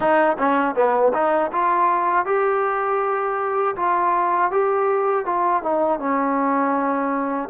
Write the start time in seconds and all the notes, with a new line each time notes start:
0.00 D#4
0.38 C#4
0.75 B3
1.13 D#4
1.51 F4
2.25 G4
3.76 F4
4.51 G4
5.25 F4
5.62 D#4
5.99 C#4